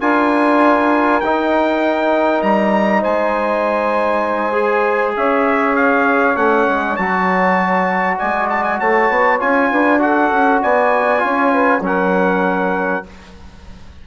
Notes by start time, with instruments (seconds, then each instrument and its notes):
0.00 bassoon D4, trombone F4, saxophone A#4, trumpet G#5
1.20 bassoon D#4, trombone D#4, trumpet G5
2.42 bassoon G3, trumpet A#5
3.01 bassoon G#3, saxophone C5, trumpet G#5
4.52 trombone G#4
5.16 bassoon C#4, saxophone C#5, trumpet E5
5.76 trumpet F5
6.36 bassoon A3, trombone C#4, trumpet F#5
6.68 bassoon G#3
6.96 bassoon F#3, trombone F#4, trumpet A5
8.18 bassoon G#3, saxophone D5, trumpet G#5
8.49 trumpet A5
8.64 trumpet G#5
8.78 bassoon A3, saxophone C#5, trumpet A5
9.09 bassoon B3
9.39 bassoon C#4, trombone F4, trumpet G#5
9.70 bassoon D4, saxophone B4
9.99 trombone F#4, saxophone A4, trumpet F#5
10.31 bassoon C#4
10.61 bassoon B3, saxophone D5, trumpet G#5
11.18 bassoon C#4, trombone F4, saxophone C#5
11.52 saxophone B4
11.80 bassoon F#3, trombone C#4, saxophone A#4, trumpet F#5